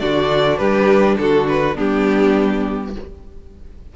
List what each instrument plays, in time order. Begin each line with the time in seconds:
0.00 cello D3, viola D4, violin F#4 D5
0.57 cello G3, violin G4 B4
1.18 cello D3, violin F#4 A4
1.48 violin B4
1.75 cello G3, viola B3, violin D4 G4